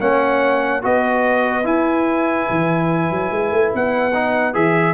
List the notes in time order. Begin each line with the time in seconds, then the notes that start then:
0.00 A#3 C#4 C#5 F#5
0.82 B3 F#4 B4 D#5
1.64 E4 G#5
2.50 E3
3.11 F#3
3.31 G#3
3.51 A3
3.74 B3 F#5
4.14 D#4
4.53 E3 G#4 E5